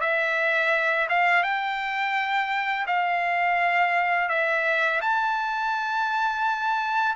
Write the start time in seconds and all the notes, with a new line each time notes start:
0.00 E5
1.09 F5
1.43 G5
2.86 F5
4.29 E5
5.01 A5